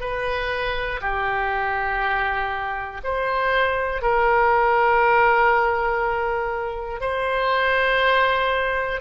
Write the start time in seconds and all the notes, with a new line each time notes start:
0.00 B4
1.01 G4
3.04 C5
4.02 A#4
7.01 C5